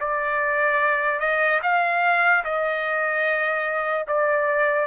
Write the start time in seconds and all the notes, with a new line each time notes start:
0.00 D5
1.19 D#5
1.63 F5
2.44 D#5
4.07 D5